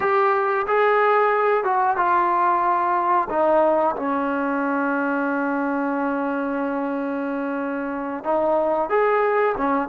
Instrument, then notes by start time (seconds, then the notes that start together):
trombone
0.00 G4
0.67 G#4
1.64 F#4
1.96 F4
3.29 D#4
3.96 C#4
8.24 D#4
8.89 G#4
9.57 C#4